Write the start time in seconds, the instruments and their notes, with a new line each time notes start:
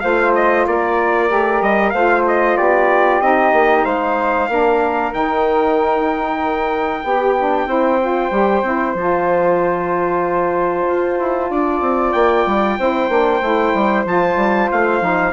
0.00 bassoon A3, saxophone F4, flute C5, trumpet F5
0.34 trumpet D#5
0.66 bassoon A#3, flute A#4, trumpet D5
1.28 bassoon A3, saxophone G4
1.61 bassoon G3, trumpet D#5
1.90 bassoon A3, saxophone F4, flute C5, trumpet F5
2.27 trumpet D#5
2.57 bassoon B3, flute G4, trumpet D5
3.20 bassoon C4, saxophone D#4, trumpet D#5
3.52 bassoon A#3
3.85 bassoon G#3, flute C5, trumpet F5
4.48 bassoon A#3, saxophone D4, flute A#4
5.12 bassoon D#3, saxophone D#4, trumpet G5
7.03 bassoon B3, saxophone G4, flute G4
7.38 saxophone D4
7.66 bassoon C4, saxophone E4, flute C5
8.01 saxophone F4
8.30 bassoon G3, saxophone G4
8.62 bassoon C4, saxophone E4
8.94 bassoon F3, saxophone F4, trumpet A5
10.88 bassoon F4
11.19 bassoon E4
11.50 bassoon D4, flute D5
11.81 bassoon C4
12.12 bassoon A#3, trumpet G5
12.46 bassoon G3
12.78 bassoon C4, saxophone E4, flute C5
13.09 bassoon A#3, saxophone D4
13.41 bassoon A3, saxophone E4
13.74 bassoon G3
14.05 bassoon F3, saxophone F4, trumpet A5
14.36 bassoon G3
14.72 bassoon A3, trumpet F5
15.00 bassoon F3, saxophone D#4